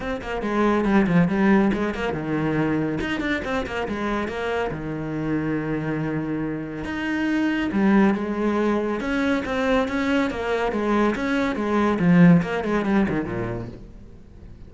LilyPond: \new Staff \with { instrumentName = "cello" } { \time 4/4 \tempo 4 = 140 c'8 ais8 gis4 g8 f8 g4 | gis8 ais8 dis2 dis'8 d'8 | c'8 ais8 gis4 ais4 dis4~ | dis1 |
dis'2 g4 gis4~ | gis4 cis'4 c'4 cis'4 | ais4 gis4 cis'4 gis4 | f4 ais8 gis8 g8 dis8 ais,4 | }